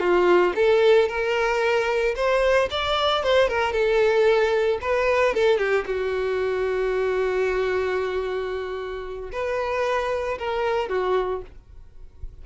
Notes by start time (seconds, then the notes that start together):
0.00 F4
0.56 A4
1.09 A#4
2.16 C5
2.71 D5
3.23 C5
3.48 A#4
3.73 A4
4.82 B4
5.35 A4
5.58 G4
5.86 F#4
9.32 B4
10.39 A#4
10.89 F#4